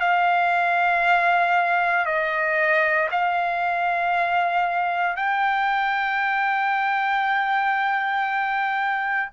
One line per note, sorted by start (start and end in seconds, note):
0.00 2.05 F5
2.05 3.09 D#5
3.11 5.16 F5
5.16 9.30 G5